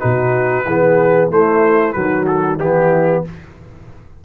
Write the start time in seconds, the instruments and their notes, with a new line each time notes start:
0.00 tuba B2, trombone D#4, horn F#4, trumpet B4
0.65 tuba E3, trombone B3, horn G#4
1.31 tuba A3, trombone A3, horn E4, trumpet C5
1.93 tuba D#3, trombone F#3, horn F#4, trumpet B4
2.27 trumpet A4
2.60 tuba E3, trombone B3, horn E4, trumpet G4